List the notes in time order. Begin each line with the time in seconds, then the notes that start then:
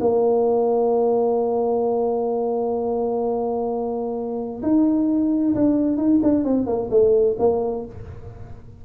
0.00 A#3
4.62 D#4
5.55 D4
5.97 D#4
6.23 D4
6.44 C4
6.66 A#3
6.90 A3
7.39 A#3